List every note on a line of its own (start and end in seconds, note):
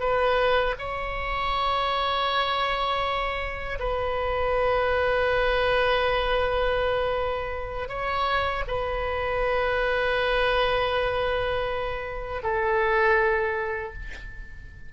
0.00 0.75 B4
0.79 3.79 C#5
3.80 7.89 B4
7.89 8.64 C#5
8.68 12.43 B4
12.43 13.93 A4